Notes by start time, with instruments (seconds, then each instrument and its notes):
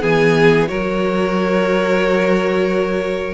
0.00 cello E3, viola B3, violin G#4 G#5
0.67 cello F#3, viola F#4, violin A#4 C#5